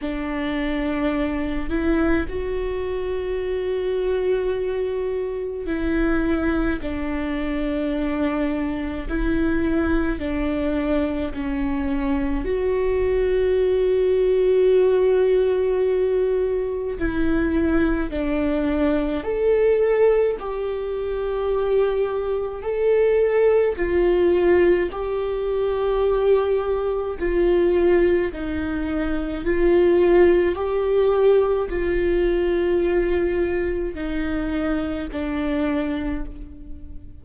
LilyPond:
\new Staff \with { instrumentName = "viola" } { \time 4/4 \tempo 4 = 53 d'4. e'8 fis'2~ | fis'4 e'4 d'2 | e'4 d'4 cis'4 fis'4~ | fis'2. e'4 |
d'4 a'4 g'2 | a'4 f'4 g'2 | f'4 dis'4 f'4 g'4 | f'2 dis'4 d'4 | }